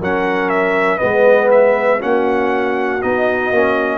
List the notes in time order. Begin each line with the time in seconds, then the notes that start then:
0.00 F#3 C#4 A#4 F#5
0.49 E5
0.98 G#3 B3 B4 D#5
1.51 E5
2.00 A#3 C#4 F#4 F#5
3.02 B3 D#4 D#5
3.51 A#3 C#4